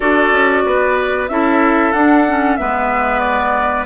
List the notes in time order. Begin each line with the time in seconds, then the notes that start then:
0.00 D4 F#4 A4 D5
0.31 C#4
0.65 B3 B4
1.28 C#4 E4 A4 E5
1.92 D4 F#5
2.27 C#4
2.56 G#3 B3 B4 E5
3.19 D5